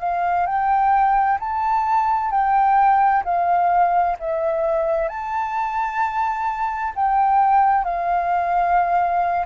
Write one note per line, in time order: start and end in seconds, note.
0.00 0.46 F5
0.46 1.38 G5
1.40 2.31 A5
2.31 3.23 G5
3.24 4.17 F5
4.20 5.09 E5
5.09 6.93 A5
6.95 7.84 G5
7.84 9.46 F5